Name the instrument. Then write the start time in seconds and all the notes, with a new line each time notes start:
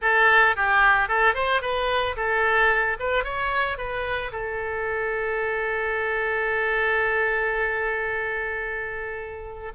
oboe
0.01 A4
0.56 G4
1.08 A4
1.34 C5
1.61 B4
2.16 A4
2.99 B4
3.23 C#5
3.77 B4
4.32 A4